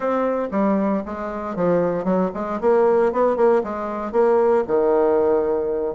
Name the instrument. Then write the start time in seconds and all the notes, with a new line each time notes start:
bassoon
0.00 C4
0.51 G3
1.05 G#3
1.55 F3
2.04 F#3
2.34 G#3
2.61 A#3
3.12 B3
3.36 A#3
3.63 G#3
4.12 A#3
4.67 D#3